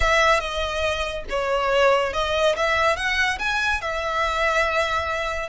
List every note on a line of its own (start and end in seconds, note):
0.00 0.40 E5
0.40 1.24 D#5
1.29 2.13 C#5
2.13 2.55 D#5
2.55 2.96 E5
2.96 3.38 F#5
3.38 3.81 G#5
3.81 5.49 E5